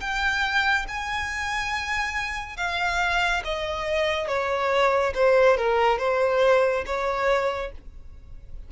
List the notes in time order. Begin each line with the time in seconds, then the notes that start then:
0.00 G5
0.88 G#5
2.57 F5
3.44 D#5
4.27 C#5
5.14 C5
5.57 A#4
5.98 C5
6.86 C#5